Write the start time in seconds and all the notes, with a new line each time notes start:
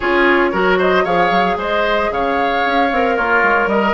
0.00 C#4 F4 G#4 C#5
0.52 F#3 F#4 A#4
0.78 C5 D#5
1.04 F3 G#4 C#5 F5
1.30 F#3
1.56 G#3 C5 D#5
2.11 C#3 C#5 F5
2.66 C#4
2.91 C4 A#4
3.16 A#3 F4 C#5
3.42 G#3
3.66 G3 A#4 D#5